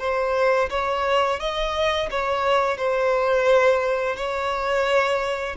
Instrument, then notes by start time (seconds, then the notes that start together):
violin
0.00 C5
0.70 C#5
1.40 D#5
2.11 C#5
2.78 C5
4.17 C#5